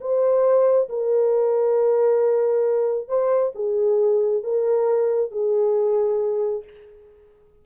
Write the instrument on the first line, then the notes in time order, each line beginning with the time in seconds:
horn
0.00 C5
0.89 A#4
3.08 C5
3.55 G#4
4.43 A#4
5.31 G#4